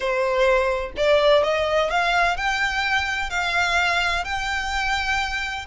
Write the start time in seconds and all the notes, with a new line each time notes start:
0.00 C5
0.96 D5
1.43 D#5
1.90 F5
2.36 G5
3.30 F5
4.24 G5